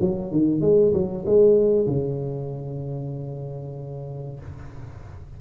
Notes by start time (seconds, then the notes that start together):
0.00 F#3
0.31 D#3
0.61 G#3
0.93 F#3
1.25 G#3
1.86 C#3